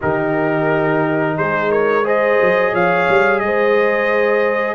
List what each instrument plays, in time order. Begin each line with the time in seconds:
0.01 tuba D#3, trombone D#4, horn G4, trumpet A#4
1.37 tuba G#3, horn G#4, trumpet C5
1.70 horn A#4, trumpet C#5
2.04 trombone G#4, horn C5, trumpet D#5
2.41 tuba F#3
2.72 tuba F3, horn C#5, trumpet F5
3.08 tuba G3
3.39 tuba G#3, horn C5, trumpet D#5